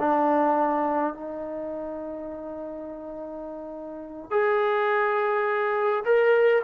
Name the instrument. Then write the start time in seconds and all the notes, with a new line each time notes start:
trombone
0.00 D4
1.14 D#4
4.31 G#4
6.05 A#4